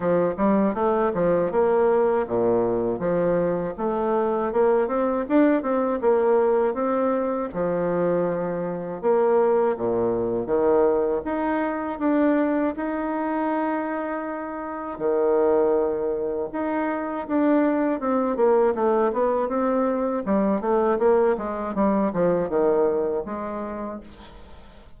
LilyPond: \new Staff \with { instrumentName = "bassoon" } { \time 4/4 \tempo 4 = 80 f8 g8 a8 f8 ais4 ais,4 | f4 a4 ais8 c'8 d'8 c'8 | ais4 c'4 f2 | ais4 ais,4 dis4 dis'4 |
d'4 dis'2. | dis2 dis'4 d'4 | c'8 ais8 a8 b8 c'4 g8 a8 | ais8 gis8 g8 f8 dis4 gis4 | }